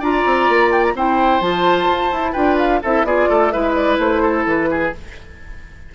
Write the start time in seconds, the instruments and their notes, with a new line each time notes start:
0.00 bassoon D4, clarinet F4, oboe D5, flute A#5
0.26 bassoon C4
0.49 bassoon A#3
0.72 flute G5
0.84 flute A#5
0.94 bassoon C4, clarinet E4, oboe C5, flute G5
1.41 bassoon F3, clarinet F4, flute A5
1.89 bassoon F4
2.12 bassoon E4, clarinet E4
2.33 bassoon D4, clarinet F4, oboe B4, flute G5
2.59 flute F5
2.83 bassoon C4, clarinet E4, oboe A4, flute E5
3.04 bassoon B3, clarinet F4, oboe G#4, flute D5
3.29 bassoon A3, oboe A4
3.51 bassoon G#3, clarinet E4, oboe B4, flute E5
3.75 flute D5
3.99 bassoon A3, flute C5
4.23 oboe A4
4.46 bassoon E3, flute B4
4.71 oboe G#4